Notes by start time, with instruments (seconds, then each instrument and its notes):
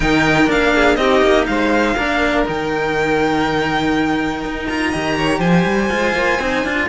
0.00 cello D#3 D#4, violin A#4 G5
0.47 cello A#3 D4, violin F5
0.75 violin G#4
0.95 cello C4 D#4, violin G4 D#5
1.22 cello A#3
1.46 cello G#3, violin C5 F5
1.95 cello A#3 D4, violin A#4
2.45 cello D#3 D#4, violin G5
4.45 cello D#4
4.66 cello F4, violin A#5
4.90 cello D#3 G4, violin D#5
5.17 violin C#5
5.39 cello F3, violin C5 G#5
5.65 cello G3
5.90 cello G#3 F4
6.15 cello A#3
6.38 cello C4 D#4
6.63 cello D4 F4